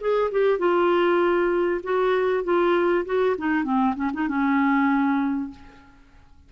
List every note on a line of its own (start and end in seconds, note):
0.00 0.31 G#4
0.31 0.58 G4
0.58 1.81 F4
1.83 2.44 F#4
2.44 3.05 F4
3.05 3.36 F#4
3.38 3.63 D#4
3.63 3.94 C4
3.95 4.10 C#4
4.13 4.28 D#4
4.28 5.50 C#4